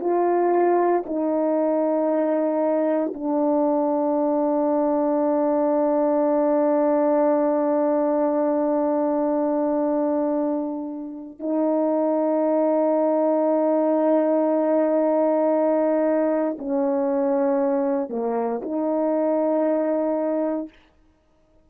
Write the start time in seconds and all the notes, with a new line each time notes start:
0.00 F4
1.05 D#4
3.13 D4
11.39 D#4
16.58 C#4
18.09 A#3
18.62 D#4